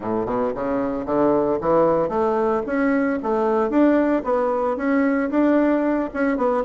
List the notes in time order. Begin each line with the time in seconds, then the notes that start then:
0.00 A2
0.25 B2
0.54 C#3
1.05 D3
1.60 E3
2.09 A3
2.66 C#4
3.22 A3
3.70 D4
4.23 B3
4.76 C#4
5.30 D4
6.13 C#4
6.37 B3